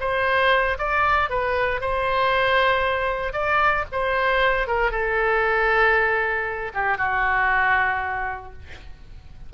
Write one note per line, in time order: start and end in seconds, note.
0.00 0.78 C5
0.78 1.30 D5
1.30 1.81 B4
1.81 3.32 C5
3.32 3.84 D5
3.92 4.67 C5
4.67 4.91 A#4
4.91 6.72 A4
6.74 6.97 G4
6.97 8.53 F#4